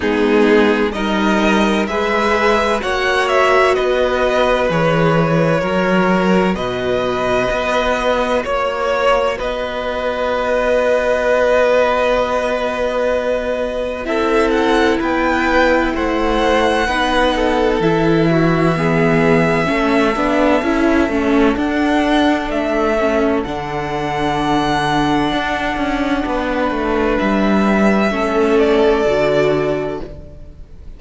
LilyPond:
<<
  \new Staff \with { instrumentName = "violin" } { \time 4/4 \tempo 4 = 64 gis'4 dis''4 e''4 fis''8 e''8 | dis''4 cis''2 dis''4~ | dis''4 cis''4 dis''2~ | dis''2. e''8 fis''8 |
g''4 fis''2 e''4~ | e''2. fis''4 | e''4 fis''2.~ | fis''4 e''4. d''4. | }
  \new Staff \with { instrumentName = "violin" } { \time 4/4 dis'4 ais'4 b'4 cis''4 | b'2 ais'4 b'4~ | b'4 cis''4 b'2~ | b'2. a'4 |
b'4 c''4 b'8 a'4 fis'8 | gis'4 a'2.~ | a'1 | b'2 a'2 | }
  \new Staff \with { instrumentName = "viola" } { \time 4/4 b4 dis'4 gis'4 fis'4~ | fis'4 gis'4 fis'2~ | fis'1~ | fis'2. e'4~ |
e'2 dis'4 e'4 | b4 cis'8 d'8 e'8 cis'8 d'4~ | d'8 cis'8 d'2.~ | d'2 cis'4 fis'4 | }
  \new Staff \with { instrumentName = "cello" } { \time 4/4 gis4 g4 gis4 ais4 | b4 e4 fis4 b,4 | b4 ais4 b2~ | b2. c'4 |
b4 a4 b4 e4~ | e4 a8 b8 cis'8 a8 d'4 | a4 d2 d'8 cis'8 | b8 a8 g4 a4 d4 | }
>>